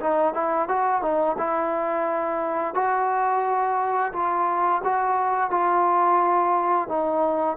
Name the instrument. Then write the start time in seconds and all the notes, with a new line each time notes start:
trombone
0.00 D#4
0.34 E4
0.68 F#4
1.02 D#4
1.38 E4
2.74 F#4
4.13 F4
4.84 F#4
5.50 F4
6.88 D#4